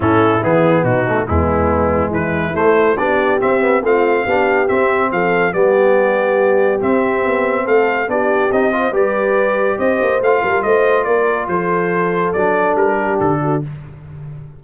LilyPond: <<
  \new Staff \with { instrumentName = "trumpet" } { \time 4/4 \tempo 4 = 141 a'4 gis'4 fis'4 e'4~ | e'4 b'4 c''4 d''4 | e''4 f''2 e''4 | f''4 d''2. |
e''2 f''4 d''4 | dis''4 d''2 dis''4 | f''4 dis''4 d''4 c''4~ | c''4 d''4 ais'4 a'4 | }
  \new Staff \with { instrumentName = "horn" } { \time 4/4 e'2 dis'4 b4~ | b4 e'2 g'4~ | g'4 f'4 g'2 | a'4 g'2.~ |
g'2 a'4 g'4~ | g'8 c''8 b'2 c''4~ | c''8 ais'8 c''4 ais'4 a'4~ | a'2~ a'8 g'4 fis'8 | }
  \new Staff \with { instrumentName = "trombone" } { \time 4/4 cis'4 b4. a8 gis4~ | gis2 a4 d'4 | c'8 b8 c'4 d'4 c'4~ | c'4 b2. |
c'2. d'4 | dis'8 f'8 g'2. | f'1~ | f'4 d'2. | }
  \new Staff \with { instrumentName = "tuba" } { \time 4/4 a,4 e4 b,4 e,4~ | e,4 e4 a4 b4 | c'4 a4 b4 c'4 | f4 g2. |
c'4 b4 a4 b4 | c'4 g2 c'8 ais8 | a8 g8 a4 ais4 f4~ | f4 fis4 g4 d4 | }
>>